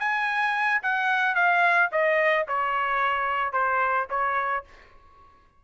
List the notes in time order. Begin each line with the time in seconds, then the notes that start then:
0.00 G#5
0.83 F#5
1.35 F5
1.92 D#5
2.48 C#5
3.53 C5
4.10 C#5